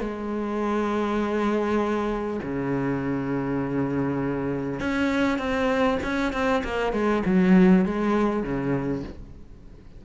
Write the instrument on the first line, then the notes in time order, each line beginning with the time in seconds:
cello
0.00 G#3
2.42 C#3
4.80 C#4
5.38 C4
6.03 C#4
6.33 C4
6.64 A#3
6.92 G#3
7.25 F#3
7.85 G#3
8.43 C#3